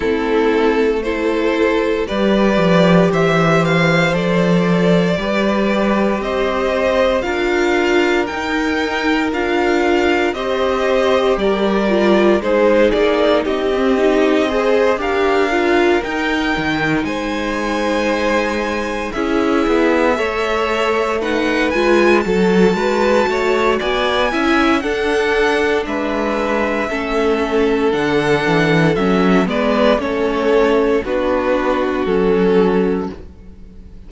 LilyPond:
<<
  \new Staff \with { instrumentName = "violin" } { \time 4/4 \tempo 4 = 58 a'4 c''4 d''4 e''8 f''8 | d''2 dis''4 f''4 | g''4 f''4 dis''4 d''4 | c''8 d''8 dis''4. f''4 g''8~ |
g''8 gis''2 e''4.~ | e''8 fis''8 gis''8 a''4. gis''4 | fis''4 e''2 fis''4 | e''8 d''8 cis''4 b'4 a'4 | }
  \new Staff \with { instrumentName = "violin" } { \time 4/4 e'4 a'4 b'4 c''4~ | c''4 b'4 c''4 ais'4~ | ais'2 c''4 ais'4 | gis'4 g'4 c''8 ais'4.~ |
ais'8 c''2 gis'4 cis''8~ | cis''8 b'4 a'8 b'8 cis''8 d''8 e''8 | a'4 b'4 a'2~ | a'8 b'8 a'4 fis'2 | }
  \new Staff \with { instrumentName = "viola" } { \time 4/4 c'4 e'4 g'2 | a'4 g'2 f'4 | dis'4 f'4 g'4. f'8 | dis'4~ dis'16 c'16 dis'8 gis'8 g'8 f'8 dis'8~ |
dis'2~ dis'8 e'4 a'8~ | a'8 dis'8 f'8 fis'2 e'8 | d'2 cis'4 d'4 | cis'8 b8 cis'4 d'4 cis'4 | }
  \new Staff \with { instrumentName = "cello" } { \time 4/4 a2 g8 f8 e4 | f4 g4 c'4 d'4 | dis'4 d'4 c'4 g4 | gis8 ais8 c'4. d'4 dis'8 |
dis8 gis2 cis'8 b8 a8~ | a4 gis8 fis8 gis8 a8 b8 cis'8 | d'4 gis4 a4 d8 e8 | fis8 gis8 a4 b4 fis4 | }
>>